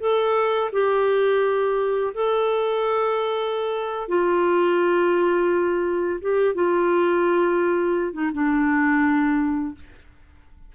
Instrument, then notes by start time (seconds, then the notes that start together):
clarinet
0.00 A4
0.72 G4
2.14 A4
4.08 F4
6.21 G4
6.55 F4
8.13 D#4
8.33 D4